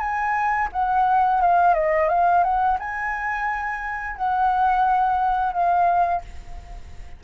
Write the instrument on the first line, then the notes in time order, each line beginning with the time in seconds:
flute
0.00 G#5
0.73 F#5
1.42 F5
1.75 D#5
2.09 F5
2.44 F#5
2.80 G#5
4.17 F#5
5.53 F5